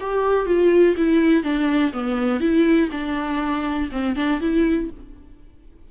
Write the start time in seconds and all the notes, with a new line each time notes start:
0.00 G4
0.46 F4
0.97 E4
1.43 D4
1.93 B3
2.40 E4
2.91 D4
3.91 C4
4.16 D4
4.40 E4